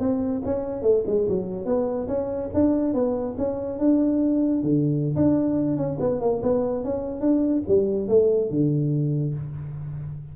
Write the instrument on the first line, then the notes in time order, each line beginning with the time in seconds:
tuba
0.00 C4
0.45 C#4
0.83 A3
1.07 G#3
1.29 F#3
1.66 B3
2.08 C#4
2.54 D4
2.94 B3
3.38 C#4
3.79 D4
4.63 D3
5.16 D4
5.77 C#4
6.00 B3
6.21 A#3
6.43 B3
6.84 C#4
7.21 D4
7.68 G3
8.08 A3
8.50 D3